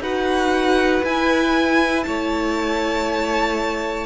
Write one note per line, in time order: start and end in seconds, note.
0.00 1.02 D#4
0.00 1.05 F#4
0.00 2.06 B4
0.00 1.05 F#5
1.04 2.05 E4
1.04 4.06 E4
1.04 2.04 G#5
2.04 4.06 A3
2.04 4.06 C#5
2.04 4.06 A5